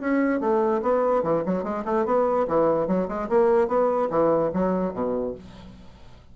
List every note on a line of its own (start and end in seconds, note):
0.00 0.40 C#4
0.40 0.81 A3
0.82 1.23 B3
1.23 1.43 E3
1.46 1.63 F#3
1.63 1.84 G#3
1.85 2.05 A3
2.05 2.46 B3
2.48 2.87 E3
2.87 3.08 F#3
3.08 3.28 G#3
3.29 3.68 A#3
3.68 4.09 B3
4.10 4.51 E3
4.53 4.93 F#3
4.93 5.34 B2